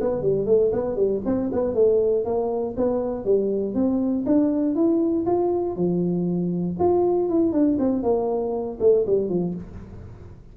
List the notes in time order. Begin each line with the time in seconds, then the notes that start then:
0.00 B3
0.22 G3
0.45 A3
0.72 B3
0.96 G3
1.25 C4
1.52 B3
1.74 A3
2.24 A#3
2.77 B3
3.25 G3
3.74 C4
4.26 D4
4.75 E4
5.26 F4
5.76 F3
6.79 F4
7.29 E4
7.52 D4
7.78 C4
8.03 A#3
8.80 A3
9.06 G3
9.29 F3